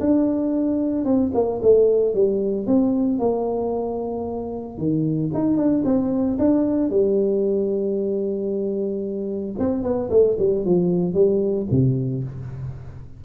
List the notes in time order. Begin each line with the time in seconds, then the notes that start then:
0.00 D4
1.05 C4
1.34 A#3
1.62 A3
2.14 G3
2.66 C4
3.19 A#3
4.77 D#3
5.33 D#4
5.57 D4
5.84 C4
6.38 D4
6.89 G3
9.58 C4
9.83 B3
10.10 A3
10.38 G3
10.65 F3
11.13 G3
11.71 C3